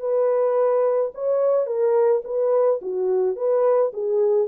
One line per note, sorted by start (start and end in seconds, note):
0.00 1.11 B4
1.14 1.66 C#5
1.66 2.22 A#4
2.24 2.80 B4
2.82 3.36 F#4
3.36 3.91 B4
3.93 4.48 G#4